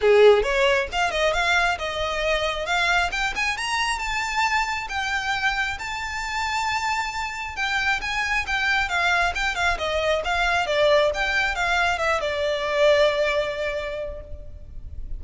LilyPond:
\new Staff \with { instrumentName = "violin" } { \time 4/4 \tempo 4 = 135 gis'4 cis''4 f''8 dis''8 f''4 | dis''2 f''4 g''8 gis''8 | ais''4 a''2 g''4~ | g''4 a''2.~ |
a''4 g''4 gis''4 g''4 | f''4 g''8 f''8 dis''4 f''4 | d''4 g''4 f''4 e''8 d''8~ | d''1 | }